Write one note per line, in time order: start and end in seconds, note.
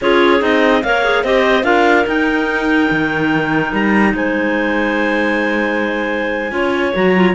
0.01 0.41 C#4
0.01 0.39 F4
0.01 0.84 G#4
0.01 0.43 C#5
0.39 0.83 C4
0.39 0.80 D#4
0.39 0.83 D#5
0.83 1.23 A#3
0.83 1.04 A#4
0.83 1.24 C#5
0.83 1.24 F5
1.04 1.24 G#4
1.23 1.63 C4
1.23 1.63 G4
1.23 1.64 C5
1.23 1.63 D#5
1.63 2.05 D4
1.63 2.04 F4
1.63 4.13 A#4
1.63 2.05 F5
2.06 6.51 D#4
2.06 2.89 D#4
2.06 3.73 G5
2.90 3.72 D#3
3.72 4.13 G3
3.72 4.15 A#5
4.14 6.51 G#3
4.14 6.53 C5
4.14 6.95 G#5
6.51 6.93 C#4
6.51 6.92 F4
6.51 7.34 C#5
6.94 7.34 F#3
6.94 7.14 F#4
6.94 7.34 A#5
7.15 7.34 F4